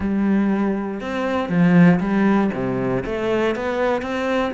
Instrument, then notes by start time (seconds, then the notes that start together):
cello
0.00 G3
1.00 C4
1.49 F3
1.99 G3
2.53 C3
3.05 A3
3.55 B3
4.02 C4